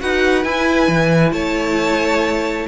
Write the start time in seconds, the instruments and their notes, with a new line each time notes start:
0.00 cello D#4, viola F#4, violin B4 F#5
0.44 cello E4, viola E4, violin G#5
0.88 cello E3
1.32 cello A3, violin C#5 A5